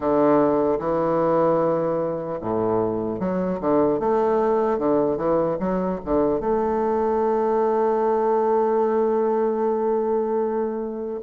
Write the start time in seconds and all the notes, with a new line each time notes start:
0.00 D3
0.79 E3
2.40 A2
3.19 F#3
3.60 D3
3.99 A3
4.78 D3
5.17 E3
5.59 F#3
6.04 D3
6.40 A3